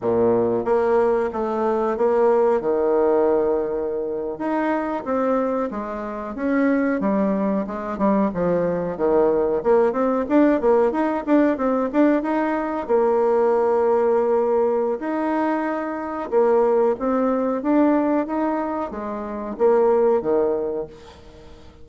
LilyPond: \new Staff \with { instrumentName = "bassoon" } { \time 4/4 \tempo 4 = 92 ais,4 ais4 a4 ais4 | dis2~ dis8. dis'4 c'16~ | c'8. gis4 cis'4 g4 gis16~ | gis16 g8 f4 dis4 ais8 c'8 d'16~ |
d'16 ais8 dis'8 d'8 c'8 d'8 dis'4 ais16~ | ais2. dis'4~ | dis'4 ais4 c'4 d'4 | dis'4 gis4 ais4 dis4 | }